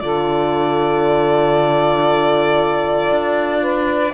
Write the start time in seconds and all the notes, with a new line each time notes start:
0.00 D3 F4 A4 D5
3.10 D4
3.61 B4